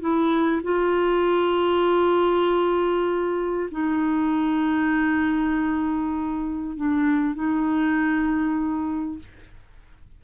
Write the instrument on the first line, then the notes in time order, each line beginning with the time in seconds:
clarinet
0.00 E4
0.63 F4
3.71 D#4
6.76 D4
7.34 D#4